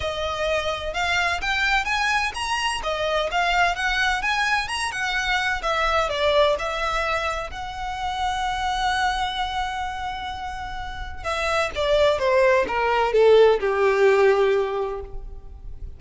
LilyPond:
\new Staff \with { instrumentName = "violin" } { \time 4/4 \tempo 4 = 128 dis''2 f''4 g''4 | gis''4 ais''4 dis''4 f''4 | fis''4 gis''4 ais''8 fis''4. | e''4 d''4 e''2 |
fis''1~ | fis''1 | e''4 d''4 c''4 ais'4 | a'4 g'2. | }